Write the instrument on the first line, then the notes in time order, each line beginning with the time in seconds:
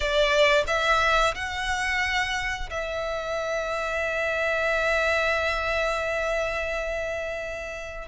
violin
0.00 D5
0.67 E5
1.35 F#5
2.70 E5